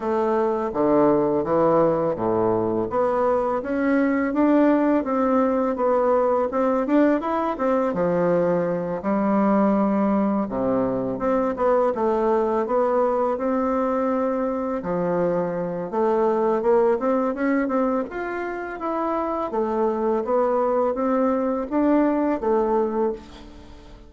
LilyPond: \new Staff \with { instrumentName = "bassoon" } { \time 4/4 \tempo 4 = 83 a4 d4 e4 a,4 | b4 cis'4 d'4 c'4 | b4 c'8 d'8 e'8 c'8 f4~ | f8 g2 c4 c'8 |
b8 a4 b4 c'4.~ | c'8 f4. a4 ais8 c'8 | cis'8 c'8 f'4 e'4 a4 | b4 c'4 d'4 a4 | }